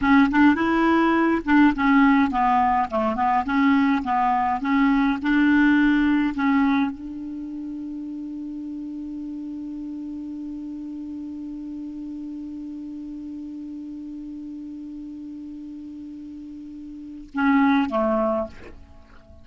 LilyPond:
\new Staff \with { instrumentName = "clarinet" } { \time 4/4 \tempo 4 = 104 cis'8 d'8 e'4. d'8 cis'4 | b4 a8 b8 cis'4 b4 | cis'4 d'2 cis'4 | d'1~ |
d'1~ | d'1~ | d'1~ | d'2 cis'4 a4 | }